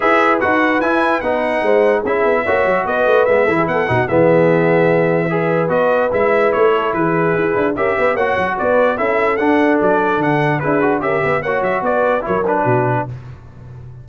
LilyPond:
<<
  \new Staff \with { instrumentName = "trumpet" } { \time 4/4 \tempo 4 = 147 e''4 fis''4 gis''4 fis''4~ | fis''4 e''2 dis''4 | e''4 fis''4 e''2~ | e''2 dis''4 e''4 |
cis''4 b'2 e''4 | fis''4 d''4 e''4 fis''4 | d''4 fis''4 b'4 e''4 | fis''8 e''8 d''4 cis''8 b'4. | }
  \new Staff \with { instrumentName = "horn" } { \time 4/4 b'1 | c''4 gis'4 cis''4 b'4~ | b'8 a'16 gis'16 a'8 fis'8 gis'2~ | gis'4 b'2.~ |
b'8 a'8 gis'2 ais'8 b'8 | cis''4 b'4 a'2~ | a'2 gis'4 ais'8 b'8 | cis''4 b'4 ais'4 fis'4 | }
  \new Staff \with { instrumentName = "trombone" } { \time 4/4 gis'4 fis'4 e'4 dis'4~ | dis'4 e'4 fis'2 | b8 e'4 dis'8 b2~ | b4 gis'4 fis'4 e'4~ |
e'2. g'4 | fis'2 e'4 d'4~ | d'2 e'8 fis'8 g'4 | fis'2 e'8 d'4. | }
  \new Staff \with { instrumentName = "tuba" } { \time 4/4 e'4 dis'4 e'4 b4 | gis4 cis'8 b8 ais8 fis8 b8 a8 | gis8 e8 b8 b,8 e2~ | e2 b4 gis4 |
a4 e4 e'8 d'8 cis'8 b8 | ais8 fis8 b4 cis'4 d'4 | fis4 d4 d'4 cis'8 b8 | ais8 fis8 b4 fis4 b,4 | }
>>